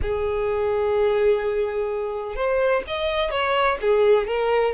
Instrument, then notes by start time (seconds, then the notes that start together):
violin
0.02 G#4
2.35 C5
2.87 D#5
3.30 C#5
3.81 G#4
4.27 A#4